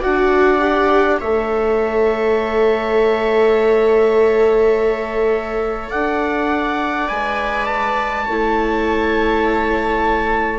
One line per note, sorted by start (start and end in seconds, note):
0.00 1.21 D4
0.00 0.59 F#4
0.00 1.18 D5
0.00 1.20 F#5
0.59 1.18 G4
1.20 5.92 A3
1.20 7.08 A4
1.20 5.90 C#5
1.20 5.91 E5
5.90 7.10 D4
5.90 8.25 D5
5.90 7.08 F#5
7.08 8.27 G#3
7.08 8.25 B4
7.08 7.66 G#5
7.66 10.59 A5
8.25 10.59 A3
8.25 10.59 E4
8.25 10.59 C#5